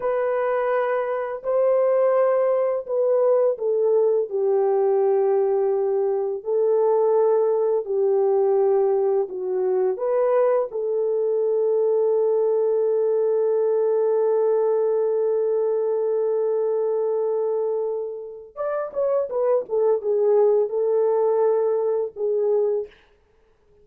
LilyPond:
\new Staff \with { instrumentName = "horn" } { \time 4/4 \tempo 4 = 84 b'2 c''2 | b'4 a'4 g'2~ | g'4 a'2 g'4~ | g'4 fis'4 b'4 a'4~ |
a'1~ | a'1~ | a'2 d''8 cis''8 b'8 a'8 | gis'4 a'2 gis'4 | }